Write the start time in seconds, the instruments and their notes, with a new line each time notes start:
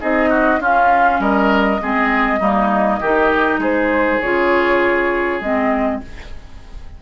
0.00 bassoon C4, clarinet D#4, oboe G#4, flute D#5
0.30 oboe F#4
0.59 bassoon C#4, clarinet C#4, oboe F4, flute F5
1.19 bassoon G3, oboe A#4, flute D#5
1.80 bassoon G#3, clarinet C4, oboe G#4
2.40 bassoon G3, clarinet A#3, oboe D#4
3.00 bassoon D#3, clarinet D#4, oboe G4
3.58 bassoon G#3, oboe G#4, flute C5
4.21 bassoon C#3, clarinet F4, flute C#5
5.40 bassoon G#3, clarinet C4, flute D#5